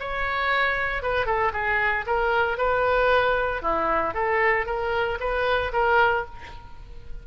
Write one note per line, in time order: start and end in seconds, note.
0.00 1.03 C#5
1.03 1.26 B4
1.26 1.52 A4
1.53 2.06 G#4
2.07 2.58 A#4
2.58 3.62 B4
3.63 4.15 E4
4.15 4.66 A4
4.66 5.19 A#4
5.20 5.72 B4
5.73 6.26 A#4